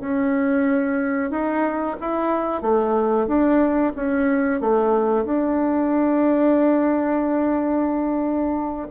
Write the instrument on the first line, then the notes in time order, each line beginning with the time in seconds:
bassoon
0.00 C#4
1.30 D#4
2.00 E4
2.61 A3
3.26 D4
3.95 C#4
4.60 A3
5.24 D4